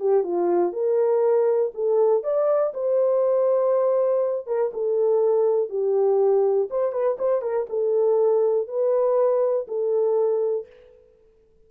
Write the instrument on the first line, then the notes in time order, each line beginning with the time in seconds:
horn
0.00 G4
0.23 F4
0.73 A#4
1.74 A4
2.23 D5
2.74 C5
4.46 A#4
4.73 A4
5.70 G4
6.70 C5
6.92 B4
7.19 C5
7.42 A#4
7.69 A4
8.68 B4
9.68 A4